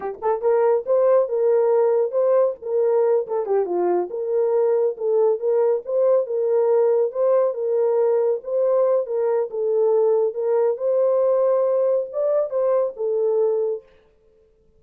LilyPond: \new Staff \with { instrumentName = "horn" } { \time 4/4 \tempo 4 = 139 g'8 a'8 ais'4 c''4 ais'4~ | ais'4 c''4 ais'4. a'8 | g'8 f'4 ais'2 a'8~ | a'8 ais'4 c''4 ais'4.~ |
ais'8 c''4 ais'2 c''8~ | c''4 ais'4 a'2 | ais'4 c''2. | d''4 c''4 a'2 | }